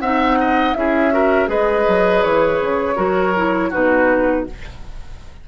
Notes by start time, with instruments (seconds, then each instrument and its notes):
0.00 bassoon C4, clarinet D#4, oboe E5, flute F#5
0.40 oboe D#5
0.74 bassoon C#4, clarinet E4, oboe G#4, flute E5
1.11 clarinet F#4, oboe A#4
1.47 bassoon G#3, clarinet G#4, oboe B4, flute D#5
1.87 bassoon F#3
2.23 bassoon E3, flute C#5
2.60 bassoon C#3
2.96 bassoon F#3, clarinet F#4, oboe A#4
3.36 clarinet E4
3.70 bassoon B2, clarinet D#4, oboe F#4, flute B4